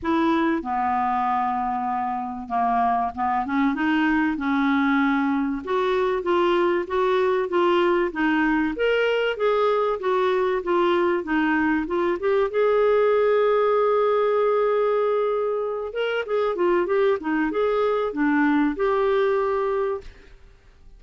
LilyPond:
\new Staff \with { instrumentName = "clarinet" } { \time 4/4 \tempo 4 = 96 e'4 b2. | ais4 b8 cis'8 dis'4 cis'4~ | cis'4 fis'4 f'4 fis'4 | f'4 dis'4 ais'4 gis'4 |
fis'4 f'4 dis'4 f'8 g'8 | gis'1~ | gis'4. ais'8 gis'8 f'8 g'8 dis'8 | gis'4 d'4 g'2 | }